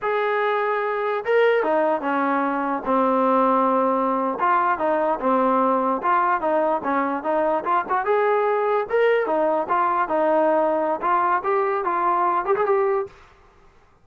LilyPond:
\new Staff \with { instrumentName = "trombone" } { \time 4/4 \tempo 4 = 147 gis'2. ais'4 | dis'4 cis'2 c'4~ | c'2~ c'8. f'4 dis'16~ | dis'8. c'2 f'4 dis'16~ |
dis'8. cis'4 dis'4 f'8 fis'8 gis'16~ | gis'4.~ gis'16 ais'4 dis'4 f'16~ | f'8. dis'2~ dis'16 f'4 | g'4 f'4. g'16 gis'16 g'4 | }